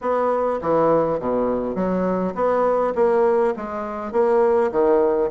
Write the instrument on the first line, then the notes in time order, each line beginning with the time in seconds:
bassoon
0.01 B3
0.61 E3
1.19 B2
1.75 F#3
2.34 B3
2.95 A#3
3.56 G#3
4.12 A#3
4.71 D#3